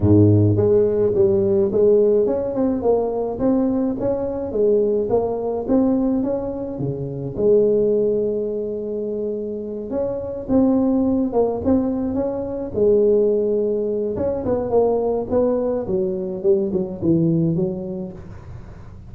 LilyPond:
\new Staff \with { instrumentName = "tuba" } { \time 4/4 \tempo 4 = 106 gis,4 gis4 g4 gis4 | cis'8 c'8 ais4 c'4 cis'4 | gis4 ais4 c'4 cis'4 | cis4 gis2.~ |
gis4. cis'4 c'4. | ais8 c'4 cis'4 gis4.~ | gis4 cis'8 b8 ais4 b4 | fis4 g8 fis8 e4 fis4 | }